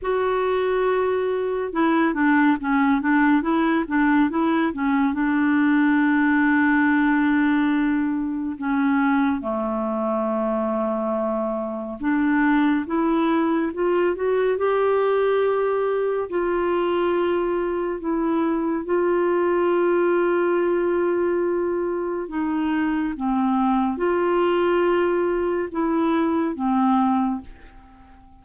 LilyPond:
\new Staff \with { instrumentName = "clarinet" } { \time 4/4 \tempo 4 = 70 fis'2 e'8 d'8 cis'8 d'8 | e'8 d'8 e'8 cis'8 d'2~ | d'2 cis'4 a4~ | a2 d'4 e'4 |
f'8 fis'8 g'2 f'4~ | f'4 e'4 f'2~ | f'2 dis'4 c'4 | f'2 e'4 c'4 | }